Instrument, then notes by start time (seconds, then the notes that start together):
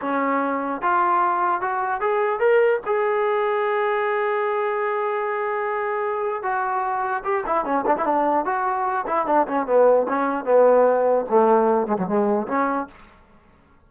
trombone
0.01 C#4
0.81 F4
1.61 F#4
2.00 G#4
2.39 A#4
2.86 G#4
6.42 F#4
7.23 G4
7.46 E4
7.64 C#4
7.86 D4
7.97 E4
8.05 D4
8.45 F#4
9.06 E4
9.26 D4
9.47 C#4
9.66 B3
10.08 C#4
10.44 B3
11.29 A3
11.87 G#3
11.97 F#3
12.07 G#3
12.47 C#4